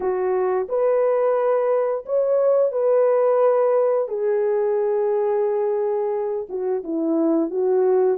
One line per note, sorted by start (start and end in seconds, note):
0.00 0.67 F#4
0.68 2.05 B4
2.05 2.71 C#5
2.71 4.08 B4
4.08 6.47 G#4
6.49 6.83 F#4
6.83 7.50 E4
7.50 8.18 F#4